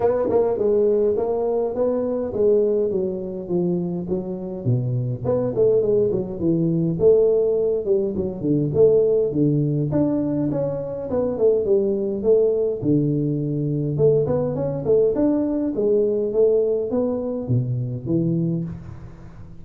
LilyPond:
\new Staff \with { instrumentName = "tuba" } { \time 4/4 \tempo 4 = 103 b8 ais8 gis4 ais4 b4 | gis4 fis4 f4 fis4 | b,4 b8 a8 gis8 fis8 e4 | a4. g8 fis8 d8 a4 |
d4 d'4 cis'4 b8 a8 | g4 a4 d2 | a8 b8 cis'8 a8 d'4 gis4 | a4 b4 b,4 e4 | }